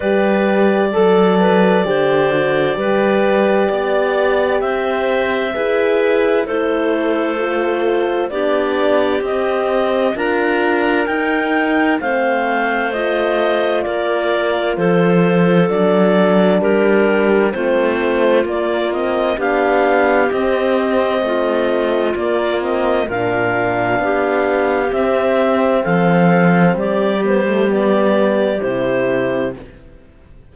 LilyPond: <<
  \new Staff \with { instrumentName = "clarinet" } { \time 4/4 \tempo 4 = 65 d''1~ | d''4 e''2 c''4~ | c''4 d''4 dis''4 ais''4 | g''4 f''4 dis''4 d''4 |
c''4 d''4 ais'4 c''4 | d''8 dis''8 f''4 dis''2 | d''8 dis''8 f''2 e''4 | f''4 d''8 c''8 d''4 c''4 | }
  \new Staff \with { instrumentName = "clarinet" } { \time 4/4 b'4 a'8 b'8 c''4 b'4 | d''4 c''4 b'4 a'4~ | a'4 g'2 ais'4~ | ais'4 c''2 ais'4 |
a'2 g'4 f'4~ | f'4 g'2 f'4~ | f'4 ais'4 g'2 | a'4 g'2. | }
  \new Staff \with { instrumentName = "horn" } { \time 4/4 g'4 a'4 g'8 fis'8 g'4~ | g'2 gis'4 e'4 | f'4 d'4 c'4 f'4 | dis'4 c'4 f'2~ |
f'4 d'2 c'4 | ais8 c'8 d'4 c'2 | ais8 c'8 d'2 c'4~ | c'4. b16 a16 b4 e'4 | }
  \new Staff \with { instrumentName = "cello" } { \time 4/4 g4 fis4 d4 g4 | b4 c'4 e'4 a4~ | a4 b4 c'4 d'4 | dis'4 a2 ais4 |
f4 fis4 g4 a4 | ais4 b4 c'4 a4 | ais4 ais,4 b4 c'4 | f4 g2 c4 | }
>>